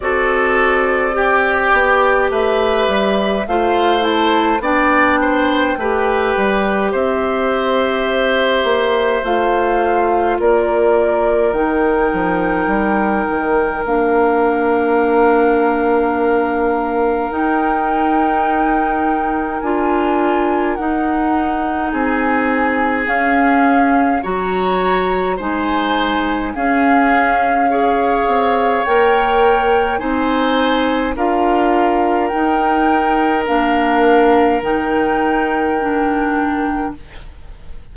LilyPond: <<
  \new Staff \with { instrumentName = "flute" } { \time 4/4 \tempo 4 = 52 d''2 e''4 f''8 a''8 | g''2 e''2 | f''4 d''4 g''2 | f''2. g''4~ |
g''4 gis''4 fis''4 gis''4 | f''4 ais''4 gis''4 f''4~ | f''4 g''4 gis''4 f''4 | g''4 f''4 g''2 | }
  \new Staff \with { instrumentName = "oboe" } { \time 4/4 a'4 g'4 b'4 c''4 | d''8 c''8 b'4 c''2~ | c''4 ais'2.~ | ais'1~ |
ais'2. gis'4~ | gis'4 cis''4 c''4 gis'4 | cis''2 c''4 ais'4~ | ais'1 | }
  \new Staff \with { instrumentName = "clarinet" } { \time 4/4 fis'4 g'2 f'8 e'8 | d'4 g'2. | f'2 dis'2 | d'2. dis'4~ |
dis'4 f'4 dis'2 | cis'4 fis'4 dis'4 cis'4 | gis'4 ais'4 dis'4 f'4 | dis'4 d'4 dis'4 d'4 | }
  \new Staff \with { instrumentName = "bassoon" } { \time 4/4 c'4. b8 a8 g8 a4 | b4 a8 g8 c'4. ais8 | a4 ais4 dis8 f8 g8 dis8 | ais2. dis'4~ |
dis'4 d'4 dis'4 c'4 | cis'4 fis4 gis4 cis'4~ | cis'8 c'8 ais4 c'4 d'4 | dis'4 ais4 dis2 | }
>>